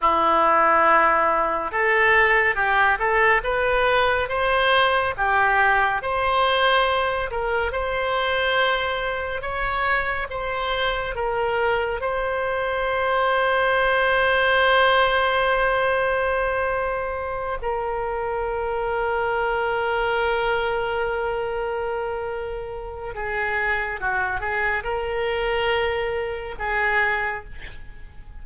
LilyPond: \new Staff \with { instrumentName = "oboe" } { \time 4/4 \tempo 4 = 70 e'2 a'4 g'8 a'8 | b'4 c''4 g'4 c''4~ | c''8 ais'8 c''2 cis''4 | c''4 ais'4 c''2~ |
c''1~ | c''8 ais'2.~ ais'8~ | ais'2. gis'4 | fis'8 gis'8 ais'2 gis'4 | }